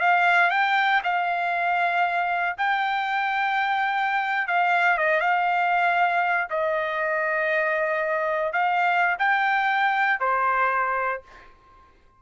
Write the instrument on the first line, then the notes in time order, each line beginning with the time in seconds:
trumpet
0.00 F5
0.50 G5
1.03 F5
2.57 G5
4.47 F5
4.97 D#5
5.20 F5
6.50 D#5
8.53 F5
9.18 G5
10.20 C5